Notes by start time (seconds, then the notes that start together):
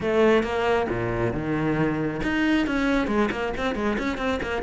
0.01 A3
0.43 A#3
0.89 A#2
1.33 D#3
2.22 D#4
2.66 C#4
3.07 G#3
3.31 A#3
3.57 C4
3.75 G#3
3.98 C#4
4.17 C4
4.42 A#3